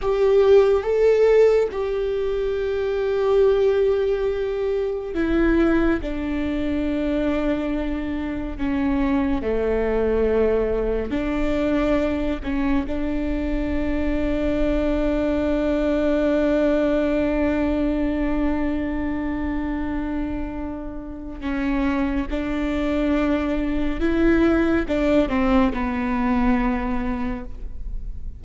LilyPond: \new Staff \with { instrumentName = "viola" } { \time 4/4 \tempo 4 = 70 g'4 a'4 g'2~ | g'2 e'4 d'4~ | d'2 cis'4 a4~ | a4 d'4. cis'8 d'4~ |
d'1~ | d'1~ | d'4 cis'4 d'2 | e'4 d'8 c'8 b2 | }